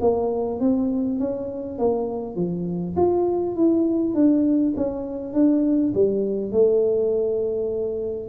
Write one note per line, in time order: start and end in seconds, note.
0.00 0.59 A#3
0.59 1.19 C4
1.19 1.78 C#4
1.78 2.35 A#3
2.35 2.95 F3
2.96 3.56 F4
3.56 4.14 E4
4.14 4.73 D4
4.76 5.33 C#4
5.33 5.92 D4
5.94 6.51 G3
6.51 8.29 A3